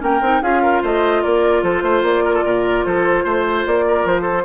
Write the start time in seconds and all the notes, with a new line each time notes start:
0.00 A#3 C#4 A#4 G5
0.21 C4 D#4
0.42 C#4 F4 G#4 F5
0.62 A#4
0.82 A3 C5 D#5
1.22 A#3 A#4 D5
1.63 F3 A4 C5
1.82 A3 C5
2.03 A#3 D5
2.25 A#4
2.34 A4
2.44 A#2 A#4
2.85 F3 A4 C5
3.24 A3 C5
3.67 A#3 D5
3.88 A#4
4.05 F3 C5
4.22 A4